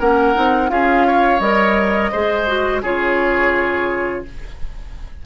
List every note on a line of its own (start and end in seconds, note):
0.00 0.35 A#3
0.00 0.35 C#4
0.00 0.71 A#4
0.00 0.70 F#5
0.35 0.70 C4
0.35 0.69 D#4
0.69 1.40 C#4
0.69 1.40 F4
0.69 1.07 G#4
0.69 1.40 F5
1.07 2.12 C#5
1.40 2.10 G3
1.40 2.12 A#4
1.40 2.81 D#5
2.12 2.83 G#3
2.12 2.47 G#4
2.12 2.82 C5
2.47 2.83 F#4
2.82 4.24 C#3
2.82 4.26 F4
2.82 4.24 G#4
2.82 4.25 C#5